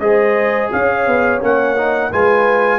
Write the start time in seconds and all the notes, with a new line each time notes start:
0.00 G#3 G#4 C5 D#5
0.73 C#4 C#5 F5
1.07 B3
1.41 A#3 C#4 F#5
1.77 D#4
2.12 G#3 F4 B4 G#5